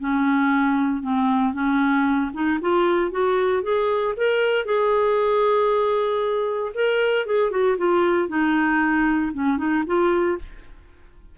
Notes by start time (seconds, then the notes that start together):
0.00 C#4
1.03 C4
1.54 C#4
2.34 D#4
2.61 F4
3.11 F#4
3.63 G#4
4.17 A#4
4.65 G#4
6.75 A#4
7.26 G#4
7.51 F#4
7.78 F4
8.29 D#4
9.33 C#4
9.58 D#4
9.87 F4